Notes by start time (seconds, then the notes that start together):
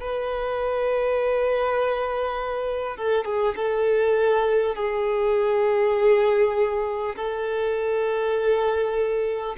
0.00 B4
2.96 A4
3.25 G#4
3.56 A4
4.75 G#4
7.16 A4